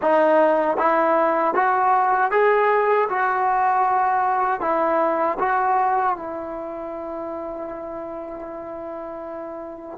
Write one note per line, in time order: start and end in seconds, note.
0.02 0.77 D#4
0.77 1.54 E4
1.54 2.31 F#4
2.31 3.08 G#4
3.09 4.60 F#4
4.60 5.37 E4
5.38 6.15 F#4
6.15 9.98 E4